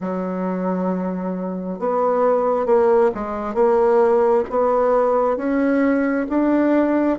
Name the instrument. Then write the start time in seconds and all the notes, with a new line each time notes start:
bassoon
0.00 F#3
1.79 B3
2.66 A#3
3.14 G#3
3.54 A#3
4.50 B3
5.36 C#4
6.29 D4